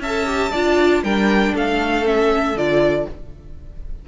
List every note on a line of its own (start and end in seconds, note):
0.00 0.51 C#4
0.00 0.52 E5
0.00 1.04 A5
0.06 0.26 A4
0.26 0.52 G4
0.52 1.03 D4
0.52 1.05 F4
0.52 1.03 D5
1.03 1.54 G3
1.03 2.04 D4
1.03 1.53 A#4
1.03 1.55 G5
1.53 2.55 A3
1.53 3.06 A4
1.53 2.07 F5
2.04 2.55 C#4
2.04 2.58 E5
2.55 3.06 D3
2.55 3.08 F4
2.55 3.09 D5